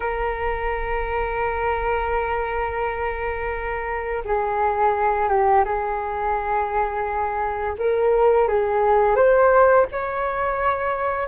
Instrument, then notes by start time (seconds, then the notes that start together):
flute
0.00 A#4
4.24 G#4
5.28 G4
5.64 G#4
7.78 A#4
8.48 G#4
9.15 C5
9.91 C#5